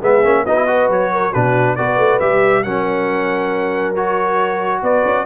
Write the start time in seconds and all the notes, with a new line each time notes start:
0.00 G#3 B3 G#4 E5
0.24 A#3 C#4
0.46 B3 D#4 F#4 D#5
0.56 E4
0.67 F#4 B4
0.89 F#3 C#5
1.12 A#4
1.32 B2 D4 F#4 B4
1.76 B3 F#4 B4 D5
1.97 A3
2.20 G3 G4 E5
2.63 F#3 C#4 A#4 F#5
3.95 F#4 C#5
4.82 B3 B4 D5
5.04 C#4